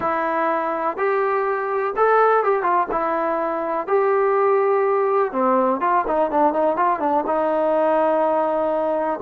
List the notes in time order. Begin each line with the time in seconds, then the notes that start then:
0.00 E4
0.97 G4
1.96 A4
2.43 G4
2.62 F4
2.91 E4
3.87 G4
5.32 C4
5.80 F4
6.07 D#4
6.30 D4
6.53 D#4
6.76 F4
6.99 D4
7.26 D#4